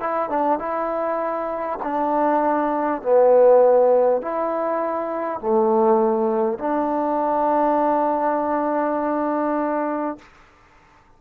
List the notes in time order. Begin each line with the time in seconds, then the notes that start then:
0.00 E4
0.29 D4
0.58 E4
1.82 D4
3.02 B3
4.21 E4
5.39 A3
6.58 D4